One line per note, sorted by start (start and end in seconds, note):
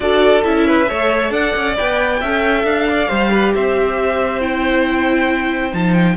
0.00 0.43 D4
0.00 0.42 F#4
0.00 0.66 A4
0.00 0.43 D5
0.44 0.89 C#4
0.44 0.86 E4
0.44 1.31 E5
0.66 0.88 B4
0.86 1.30 A3
0.86 1.74 A4
0.86 1.31 C#5
1.30 1.52 D4
1.30 2.19 D5
1.30 1.75 F#5
1.55 1.77 C#4
1.77 2.22 B3
1.77 2.21 B4
1.77 2.65 G5
2.20 2.64 C#4
2.20 3.09 A4
2.20 2.86 E5
2.64 3.08 D4
2.64 3.53 F5
2.88 3.08 D5
3.08 3.54 G3
3.08 4.40 G4
3.08 3.30 C5
3.31 3.53 B4
3.54 5.73 C4
3.54 6.16 C5
3.54 4.41 E5
4.40 5.71 E4
4.40 5.73 G5
5.71 6.16 F3
5.71 6.15 D#4
5.71 5.93 A5
5.93 6.15 G5